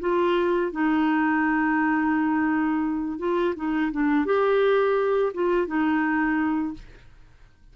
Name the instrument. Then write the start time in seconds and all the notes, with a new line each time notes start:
clarinet
0.00 F4
0.71 D#4
3.19 F4
3.56 D#4
3.92 D4
4.25 G4
5.34 F4
5.67 D#4